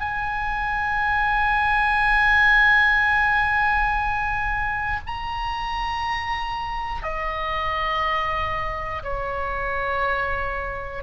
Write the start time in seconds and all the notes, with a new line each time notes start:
0.00 G#5
5.06 A#5
7.03 D#5
9.03 C#5